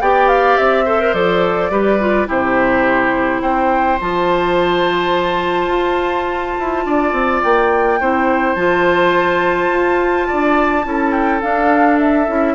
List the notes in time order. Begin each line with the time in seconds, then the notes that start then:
0.00 B3 G4 D5 G5
0.28 F5
0.56 C4 E5
0.84 A4 C5
1.00 A#4
1.13 F3 A4 D5
1.70 G3 G4 B4
2.00 F4
2.26 C3 E4 G4 C5
3.41 C4 C5 G5
4.00 F3 F4 A5
5.67 F4
6.59 E4
6.85 D4 D5
7.12 C4
7.42 A#3 G5
8.00 C4 E4 C5
8.55 F3 F4 A5
9.69 F4
10.27 D4 D5
10.83 C#4 E4 A4
11.12 G5
11.40 D4 F5
11.98 E5
12.27 C#4 E4